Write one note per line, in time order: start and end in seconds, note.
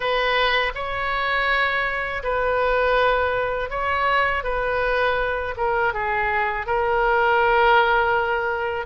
0.00 0.72 B4
0.74 2.23 C#5
2.23 3.69 B4
3.69 4.43 C#5
4.43 5.55 B4
5.57 5.93 A#4
5.93 6.66 G#4
6.66 8.86 A#4